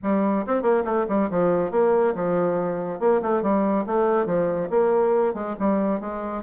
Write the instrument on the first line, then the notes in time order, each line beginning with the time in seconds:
bassoon
0.02 G3
0.46 C4
0.62 A#3
0.84 A3
1.08 G3
1.30 F3
1.71 A#3
2.14 F3
2.99 A#3
3.22 A3
3.42 G3
3.86 A3
4.25 F3
4.69 A#3
5.34 G#3
5.59 G3
6.00 G#3